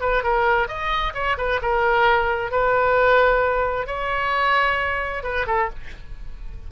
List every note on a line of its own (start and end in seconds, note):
0.00 0.23 B4
0.23 0.67 A#4
0.67 1.13 D#5
1.14 1.37 C#5
1.37 1.60 B4
1.62 2.51 A#4
2.51 3.86 B4
3.86 5.23 C#5
5.23 5.46 B4
5.46 5.69 A4